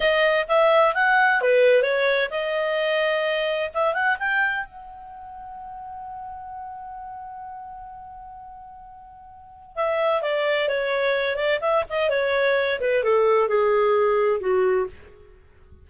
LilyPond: \new Staff \with { instrumentName = "clarinet" } { \time 4/4 \tempo 4 = 129 dis''4 e''4 fis''4 b'4 | cis''4 dis''2. | e''8 fis''8 g''4 fis''2~ | fis''1~ |
fis''1~ | fis''4 e''4 d''4 cis''4~ | cis''8 d''8 e''8 dis''8 cis''4. b'8 | a'4 gis'2 fis'4 | }